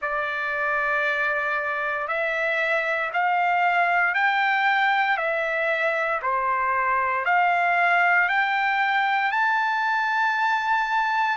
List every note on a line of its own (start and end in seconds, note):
0.01 2.07 D5
2.07 3.11 E5
3.13 4.14 F5
4.14 5.17 G5
5.17 6.20 E5
6.22 7.25 C5
7.25 8.28 F5
8.29 9.31 G5
9.31 11.37 A5